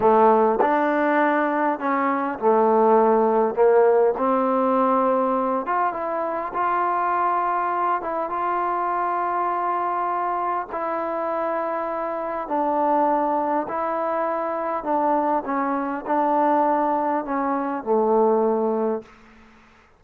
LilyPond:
\new Staff \with { instrumentName = "trombone" } { \time 4/4 \tempo 4 = 101 a4 d'2 cis'4 | a2 ais4 c'4~ | c'4. f'8 e'4 f'4~ | f'4. e'8 f'2~ |
f'2 e'2~ | e'4 d'2 e'4~ | e'4 d'4 cis'4 d'4~ | d'4 cis'4 a2 | }